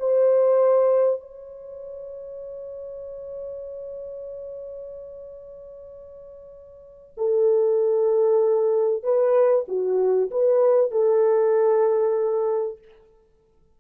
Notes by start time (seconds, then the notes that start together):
0.00 C5
1.21 C#5
7.18 A4
9.04 B4
9.68 F#4
10.31 B4
10.91 A4